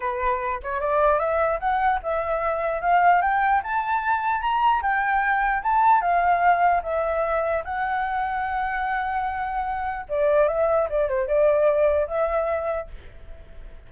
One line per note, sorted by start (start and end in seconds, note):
0.00 0.60 B4
0.62 0.80 C#5
0.80 1.19 D5
1.19 1.59 E5
1.59 1.99 F#5
2.02 2.81 E5
2.81 3.21 F5
3.21 3.62 G5
3.63 4.41 A5
4.41 4.81 A#5
4.82 5.62 G5
5.62 6.01 A5
6.01 6.81 F5
6.83 7.63 E5
7.64 10.05 F#5
10.08 10.48 D5
10.48 10.88 E5
10.89 11.08 D5
11.08 11.27 C5
11.27 12.07 D5
12.07 12.87 E5